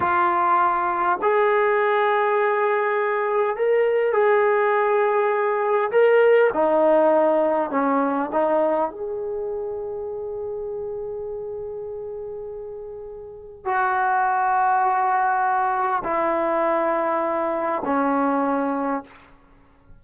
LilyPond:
\new Staff \with { instrumentName = "trombone" } { \time 4/4 \tempo 4 = 101 f'2 gis'2~ | gis'2 ais'4 gis'4~ | gis'2 ais'4 dis'4~ | dis'4 cis'4 dis'4 gis'4~ |
gis'1~ | gis'2. fis'4~ | fis'2. e'4~ | e'2 cis'2 | }